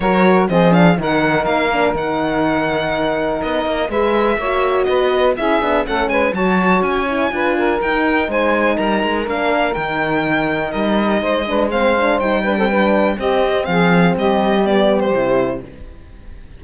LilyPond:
<<
  \new Staff \with { instrumentName = "violin" } { \time 4/4 \tempo 4 = 123 cis''4 dis''8 f''8 fis''4 f''4 | fis''2. dis''4 | e''2 dis''4 e''4 | fis''8 gis''8 a''4 gis''2 |
g''4 gis''4 ais''4 f''4 | g''2 dis''2 | f''4 g''2 dis''4 | f''4 dis''4 d''8. c''4~ c''16 | }
  \new Staff \with { instrumentName = "saxophone" } { \time 4/4 ais'4 gis'4 ais'2~ | ais'1 | b'4 cis''4 b'4 gis'4 | a'8 b'8 cis''2 b'8 ais'8~ |
ais'4 c''4 ais'2~ | ais'2. c''8 b'8 | c''4. b'16 a'16 b'4 g'4 | gis'4 g'2. | }
  \new Staff \with { instrumentName = "horn" } { \time 4/4 fis'4 c'8 d'8 dis'4. d'8 | dis'1 | gis'4 fis'2 e'8 d'8 | cis'4 fis'4. e'8 f'4 |
dis'2. d'4 | dis'2.~ dis'8 d'8 | c'8 d'8 dis'8 d'16 c'16 d'4 c'4~ | c'2 b4 e'4 | }
  \new Staff \with { instrumentName = "cello" } { \time 4/4 fis4 f4 dis4 ais4 | dis2. b8 ais8 | gis4 ais4 b4 cis'8 b8 | a8 gis8 fis4 cis'4 d'4 |
dis'4 gis4 g8 gis8 ais4 | dis2 g4 gis4~ | gis4 g2 c'4 | f4 g2 c4 | }
>>